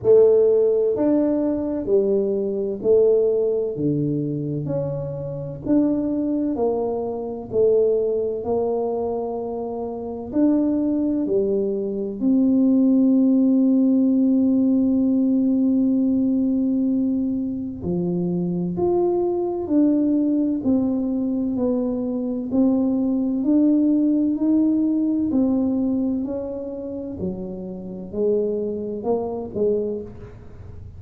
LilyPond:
\new Staff \with { instrumentName = "tuba" } { \time 4/4 \tempo 4 = 64 a4 d'4 g4 a4 | d4 cis'4 d'4 ais4 | a4 ais2 d'4 | g4 c'2.~ |
c'2. f4 | f'4 d'4 c'4 b4 | c'4 d'4 dis'4 c'4 | cis'4 fis4 gis4 ais8 gis8 | }